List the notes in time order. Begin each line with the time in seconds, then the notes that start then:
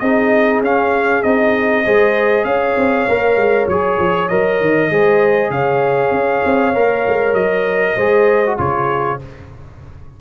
0.00 C4 D#4 G#4 D#5
0.61 C#4 F5
1.23 C4 D#4 D#5
1.85 G#3 G#4 C5
2.45 C#4 C#5 F5
2.77 C4
3.09 A#3 A#4
3.36 G#3
3.68 F#3 G#4 C#5
3.99 F3
4.29 F#3 A#4 D#5
4.61 D#3
4.91 G#3 G#4 C5
5.50 C#3 C#5 F5
6.11 C#4
6.45 C4
6.75 A#3 A#4
7.08 G#3
7.33 F#3 D#5
7.95 G#3 G#4 C5
8.47 F#4
8.58 C#3 F4 G#4 C#5